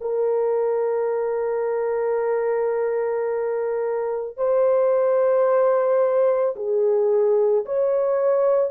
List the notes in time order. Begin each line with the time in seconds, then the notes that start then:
0.00 A#4
4.36 C5
6.56 G#4
7.65 C#5